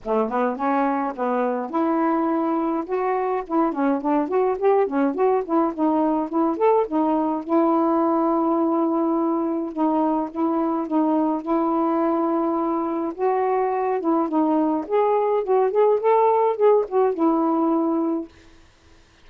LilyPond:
\new Staff \with { instrumentName = "saxophone" } { \time 4/4 \tempo 4 = 105 a8 b8 cis'4 b4 e'4~ | e'4 fis'4 e'8 cis'8 d'8 fis'8 | g'8 cis'8 fis'8 e'8 dis'4 e'8 a'8 | dis'4 e'2.~ |
e'4 dis'4 e'4 dis'4 | e'2. fis'4~ | fis'8 e'8 dis'4 gis'4 fis'8 gis'8 | a'4 gis'8 fis'8 e'2 | }